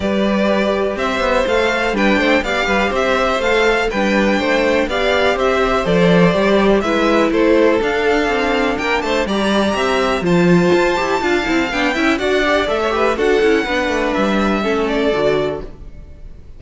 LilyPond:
<<
  \new Staff \with { instrumentName = "violin" } { \time 4/4 \tempo 4 = 123 d''2 e''4 f''4 | g''4 f''4 e''4 f''4 | g''2 f''4 e''4 | d''2 e''4 c''4 |
f''2 g''8 a''8 ais''4~ | ais''4 a''2. | g''4 fis''4 e''4 fis''4~ | fis''4 e''4. d''4. | }
  \new Staff \with { instrumentName = "violin" } { \time 4/4 b'2 c''2 | b'8 c''8 d''8 b'8 c''2 | b'4 c''4 d''4 c''4~ | c''2 b'4 a'4~ |
a'2 ais'8 c''8 d''4 | e''4 c''2 f''4~ | f''8 e''8 d''4~ d''16 cis''16 b'8 a'4 | b'2 a'2 | }
  \new Staff \with { instrumentName = "viola" } { \time 4/4 g'2. a'4 | d'4 g'2 a'4 | d'2 g'2 | a'4 g'4 e'2 |
d'2. g'4~ | g'4 f'4. g'8 f'8 e'8 | d'8 e'8 fis'8 g'8 a'8 g'8 fis'8 e'8 | d'2 cis'4 fis'4 | }
  \new Staff \with { instrumentName = "cello" } { \time 4/4 g2 c'8 b8 a4 | g8 a8 b8 g8 c'4 a4 | g4 a4 b4 c'4 | f4 g4 gis4 a4 |
d'4 c'4 ais8 a8 g4 | c'4 f4 f'8 e'8 d'8 c'8 | b8 cis'8 d'4 a4 d'8 cis'8 | b8 a8 g4 a4 d4 | }
>>